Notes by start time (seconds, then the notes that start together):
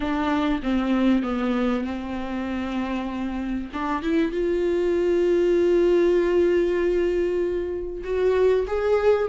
0.00 D4
0.62 C4
1.22 B3
1.84 C4
3.73 D4
4.02 E4
4.31 F4
8.04 F#4
8.67 G#4